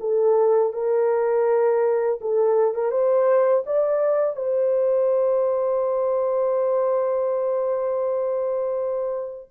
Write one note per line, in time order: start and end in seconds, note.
0.00 0.73 A4
0.73 2.20 A#4
2.21 2.74 A4
2.74 2.91 A#4
2.91 3.64 C5
3.67 4.36 D5
4.36 9.49 C5